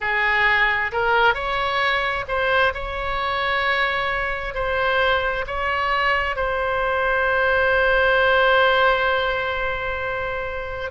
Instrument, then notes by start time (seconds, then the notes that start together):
oboe
0.00 G#4
0.92 A#4
1.34 C#5
2.27 C5
2.74 C#5
4.54 C5
5.46 C#5
6.36 C5